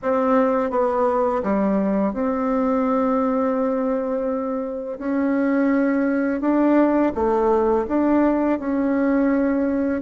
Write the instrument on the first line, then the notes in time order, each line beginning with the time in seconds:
bassoon
0.02 C4
0.70 B3
1.42 G3
2.13 C4
4.98 C#4
6.41 D4
7.14 A3
7.88 D4
8.59 C#4